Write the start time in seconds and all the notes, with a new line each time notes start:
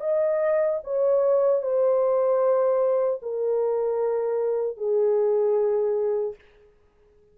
0.00 D#5
0.84 C#5
1.62 C5
3.22 A#4
4.77 G#4